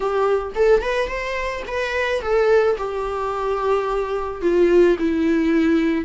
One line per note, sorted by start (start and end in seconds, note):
0.00 0.52 G4
0.55 0.81 A4
0.81 1.07 B4
1.07 1.62 C5
1.67 2.21 B4
2.21 2.76 A4
2.77 4.41 G4
4.41 4.96 F4
4.98 6.05 E4